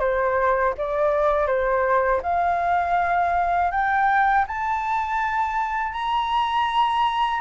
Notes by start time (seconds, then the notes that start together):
0.00 C5
0.78 D5
1.47 C5
2.23 F5
3.72 G5
4.48 A5
5.93 A#5